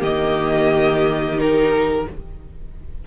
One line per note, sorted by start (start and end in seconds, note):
0.00 2.07 D#3
0.00 1.38 A#3
0.00 2.05 G4
0.00 1.39 D#5
1.38 2.06 D#4
1.38 2.08 A#4